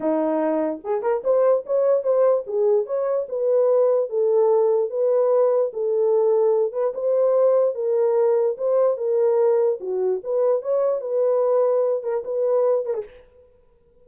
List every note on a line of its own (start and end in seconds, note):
0.00 0.80 D#4
0.83 1.02 G#4
1.02 1.22 A#4
1.24 1.64 C5
1.66 2.03 C#5
2.03 2.44 C5
2.46 2.86 G#4
2.86 3.27 C#5
3.29 4.09 B4
4.09 4.90 A4
4.90 5.71 B4
5.73 6.72 A4
6.72 6.93 B4
6.94 7.74 C5
7.74 8.56 A#4
8.57 8.97 C5
8.97 9.78 A#4
9.80 10.21 F#4
10.23 10.61 B4
10.61 11.01 C#5
11.01 12.03 B4
12.03 12.23 A#4
12.24 12.85 B4
12.85 12.94 A#4
12.94 13.04 G#4